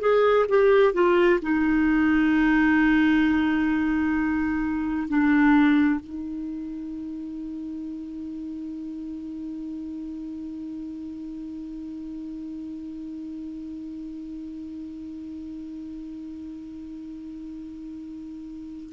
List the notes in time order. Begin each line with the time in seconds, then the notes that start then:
0.00 G#4
0.49 G4
0.94 F4
1.42 D#4
5.09 D4
6.00 D#4